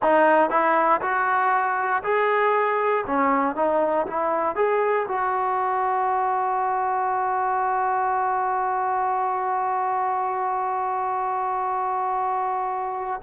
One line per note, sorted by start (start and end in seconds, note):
0.02 0.49 D#4
0.49 1.00 E4
1.01 2.02 F#4
2.03 3.05 G#4
3.06 3.55 C#4
3.55 4.06 D#4
4.06 4.55 E4
4.55 5.06 G#4
5.08 13.21 F#4